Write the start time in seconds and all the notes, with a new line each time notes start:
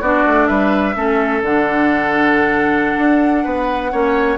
0.00 B3 D4 F#4 D5
0.26 A3
0.47 G3 B4 E5
0.94 A3 C#4 A4
1.42 D3 D4 F#5
2.98 D4
3.44 B3 B4
3.91 A#3 C#4 C#5